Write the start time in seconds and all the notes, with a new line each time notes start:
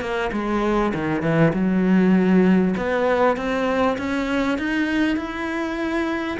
0.00 A#3
0.32 G#3
0.94 D#3
1.22 E3
1.53 F#3
2.77 B3
3.36 C4
3.98 C#4
4.58 D#4
5.16 E4